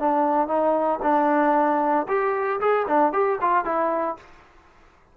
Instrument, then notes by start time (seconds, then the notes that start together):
trombone
0.00 D4
0.48 D#4
1.03 D4
2.08 G4
2.61 G#4
2.88 D4
3.13 G4
3.42 F4
3.65 E4